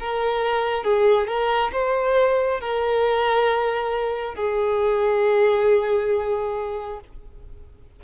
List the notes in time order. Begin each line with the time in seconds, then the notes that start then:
0.00 A#4
0.84 G#4
1.28 A#4
1.73 C5
2.61 A#4
4.36 G#4